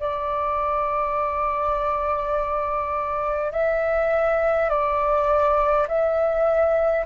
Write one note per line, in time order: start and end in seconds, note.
0.00 3.52 D5
3.52 4.70 E5
4.70 5.87 D5
5.88 7.06 E5